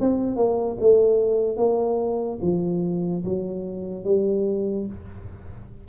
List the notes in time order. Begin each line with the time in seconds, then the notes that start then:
0.00 C4
0.36 A#3
0.80 A3
1.57 A#3
2.42 F3
3.25 F#3
4.04 G3